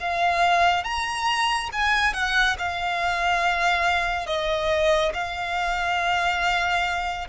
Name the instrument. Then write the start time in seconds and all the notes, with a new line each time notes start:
violin
0.00 F5
0.84 A#5
1.72 G#5
2.14 F#5
2.58 F5
4.26 D#5
5.13 F5